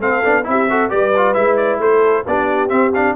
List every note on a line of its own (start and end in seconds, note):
0.00 0.23 A3
0.00 0.24 C4
0.00 0.45 A4
0.00 0.47 F5
0.24 0.47 B3
0.24 0.44 D4
0.44 0.92 C4
0.44 0.67 E4
0.44 0.91 E5
0.50 0.71 G4
0.70 0.90 F#4
0.70 0.91 A4
0.90 1.36 G3
0.90 1.12 G4
0.90 1.82 B4
0.90 1.34 D5
1.17 1.35 F4
1.34 1.80 G#3
1.34 2.25 E4
1.34 1.57 E5
1.57 1.80 D5
1.80 2.25 A3
1.80 2.27 A4
1.80 2.27 C5
2.27 2.71 B3
2.27 2.70 D4
2.27 3.16 G4
2.27 2.70 D5
2.70 2.92 C4
2.70 3.16 C4
2.70 2.92 E5
2.94 3.16 D4
2.94 3.16 F5